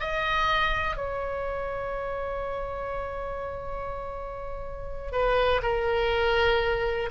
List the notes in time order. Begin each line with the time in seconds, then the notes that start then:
0.00 D#5
0.96 C#5
5.12 B4
5.62 A#4